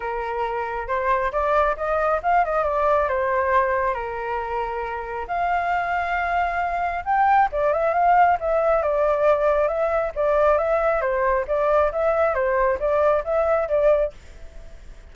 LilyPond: \new Staff \with { instrumentName = "flute" } { \time 4/4 \tempo 4 = 136 ais'2 c''4 d''4 | dis''4 f''8 dis''8 d''4 c''4~ | c''4 ais'2. | f''1 |
g''4 d''8 e''8 f''4 e''4 | d''2 e''4 d''4 | e''4 c''4 d''4 e''4 | c''4 d''4 e''4 d''4 | }